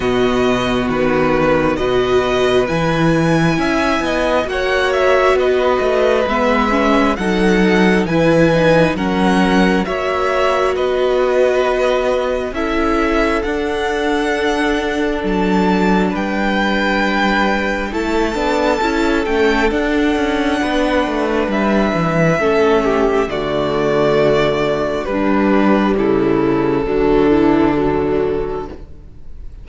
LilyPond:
<<
  \new Staff \with { instrumentName = "violin" } { \time 4/4 \tempo 4 = 67 dis''4 b'4 dis''4 gis''4~ | gis''4 fis''8 e''8 dis''4 e''4 | fis''4 gis''4 fis''4 e''4 | dis''2 e''4 fis''4~ |
fis''4 a''4 g''2 | a''4. g''8 fis''2 | e''2 d''2 | b'4 a'2. | }
  \new Staff \with { instrumentName = "violin" } { \time 4/4 fis'2 b'2 | e''8 dis''8 cis''4 b'2 | a'4 b'4 ais'4 cis''4 | b'2 a'2~ |
a'2 b'2 | a'2. b'4~ | b'4 a'8 g'8 fis'2 | d'4 e'4 d'2 | }
  \new Staff \with { instrumentName = "viola" } { \time 4/4 b2 fis'4 e'4~ | e'4 fis'2 b8 cis'8 | dis'4 e'8 dis'8 cis'4 fis'4~ | fis'2 e'4 d'4~ |
d'1 | e'8 d'8 e'8 cis'8 d'2~ | d'4 cis'4 a2 | g2 fis8 e8 fis4 | }
  \new Staff \with { instrumentName = "cello" } { \time 4/4 b,4 dis4 b,4 e4 | cis'8 b8 ais4 b8 a8 gis4 | fis4 e4 fis4 ais4 | b2 cis'4 d'4~ |
d'4 fis4 g2 | a8 b8 cis'8 a8 d'8 cis'8 b8 a8 | g8 e8 a4 d2 | g4 cis4 d2 | }
>>